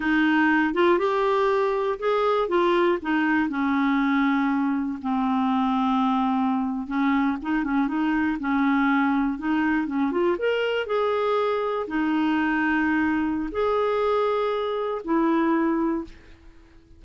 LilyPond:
\new Staff \with { instrumentName = "clarinet" } { \time 4/4 \tempo 4 = 120 dis'4. f'8 g'2 | gis'4 f'4 dis'4 cis'4~ | cis'2 c'2~ | c'4.~ c'16 cis'4 dis'8 cis'8 dis'16~ |
dis'8. cis'2 dis'4 cis'16~ | cis'16 f'8 ais'4 gis'2 dis'16~ | dis'2. gis'4~ | gis'2 e'2 | }